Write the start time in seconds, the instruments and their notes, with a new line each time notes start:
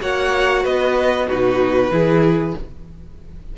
0.00 cello A#3, viola F#4, violin C#5 F#5
0.63 cello B3, violin B4 D#5
1.27 cello B2, viola D#4, violin F#4 B4
1.90 cello E3, viola E4, violin G#4